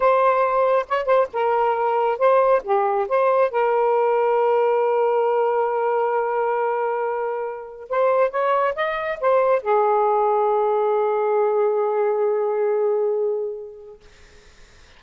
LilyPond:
\new Staff \with { instrumentName = "saxophone" } { \time 4/4 \tempo 4 = 137 c''2 cis''8 c''8 ais'4~ | ais'4 c''4 g'4 c''4 | ais'1~ | ais'1~ |
ais'2 c''4 cis''4 | dis''4 c''4 gis'2~ | gis'1~ | gis'1 | }